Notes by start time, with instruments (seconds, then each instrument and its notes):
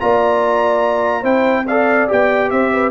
0.00 tuba A#3, trombone F4, horn D5, trumpet A#5
1.21 tuba C4, trombone E4, horn C5, trumpet G5
1.67 trombone A4, horn D5, trumpet F5
2.08 tuba B3, trombone G4, trumpet G5
2.50 tuba C4, horn C5, trumpet E5
2.73 horn B4